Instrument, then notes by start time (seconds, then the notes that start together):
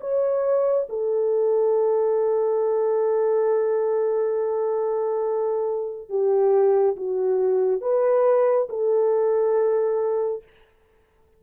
horn
0.00 C#5
0.89 A4
6.09 G4
6.96 F#4
7.81 B4
8.69 A4